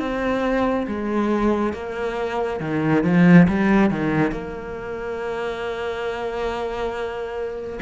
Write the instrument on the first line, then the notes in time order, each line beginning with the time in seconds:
cello
0.00 C4
0.88 G#3
1.74 A#3
2.60 D#3
3.04 F3
3.49 G3
3.91 D#3
4.32 A#3